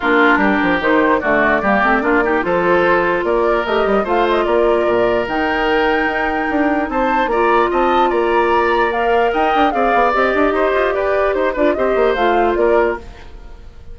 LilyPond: <<
  \new Staff \with { instrumentName = "flute" } { \time 4/4 \tempo 4 = 148 ais'2 c''4 d''4~ | d''2 c''2 | d''4 dis''4 f''8 dis''8 d''4~ | d''4 g''2.~ |
g''4 a''4 ais''4 a''4 | ais''2 f''4 g''4 | f''4 dis''2 d''4 | c''8 d''8 dis''4 f''4 d''4 | }
  \new Staff \with { instrumentName = "oboe" } { \time 4/4 f'4 g'2 fis'4 | g'4 f'8 g'8 a'2 | ais'2 c''4 ais'4~ | ais'1~ |
ais'4 c''4 d''4 dis''4 | d''2. dis''4 | d''2 c''4 b'4 | c''8 b'8 c''2 ais'4 | }
  \new Staff \with { instrumentName = "clarinet" } { \time 4/4 d'2 dis'4 a4 | ais8 c'8 d'8 dis'8 f'2~ | f'4 g'4 f'2~ | f'4 dis'2.~ |
dis'2 f'2~ | f'2 ais'2 | gis'4 g'2.~ | g'8 f'8 g'4 f'2 | }
  \new Staff \with { instrumentName = "bassoon" } { \time 4/4 ais4 g8 f8 dis4 d4 | g8 a8 ais4 f2 | ais4 a8 g8 a4 ais4 | ais,4 dis2 dis'4 |
d'4 c'4 ais4 c'4 | ais2. dis'8 d'8 | c'8 b8 c'8 d'8 dis'8 f'8 g'4 | dis'8 d'8 c'8 ais8 a4 ais4 | }
>>